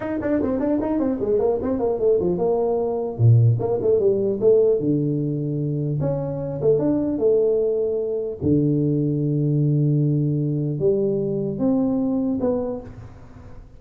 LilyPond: \new Staff \with { instrumentName = "tuba" } { \time 4/4 \tempo 4 = 150 dis'8 d'8 c'8 d'8 dis'8 c'8 gis8 ais8 | c'8 ais8 a8 f8 ais2 | ais,4 ais8 a8 g4 a4 | d2. cis'4~ |
cis'8 a8 d'4 a2~ | a4 d2.~ | d2. g4~ | g4 c'2 b4 | }